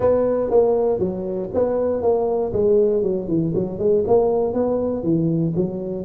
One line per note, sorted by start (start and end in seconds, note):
0.00 0.50 B3
0.50 0.99 A#3
0.99 1.49 F#3
1.54 2.02 B3
2.02 2.52 A#3
2.52 3.02 G#3
3.02 3.28 F#3
3.28 3.53 E3
3.55 3.78 F#3
3.78 4.04 G#3
4.07 4.53 A#3
4.53 5.03 B3
5.03 5.53 E3
5.56 6.05 F#3